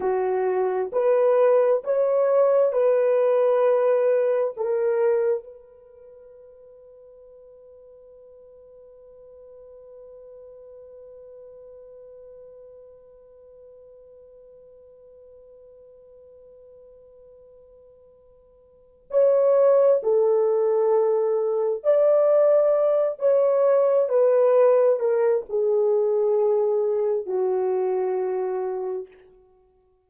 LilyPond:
\new Staff \with { instrumentName = "horn" } { \time 4/4 \tempo 4 = 66 fis'4 b'4 cis''4 b'4~ | b'4 ais'4 b'2~ | b'1~ | b'1~ |
b'1~ | b'4 cis''4 a'2 | d''4. cis''4 b'4 ais'8 | gis'2 fis'2 | }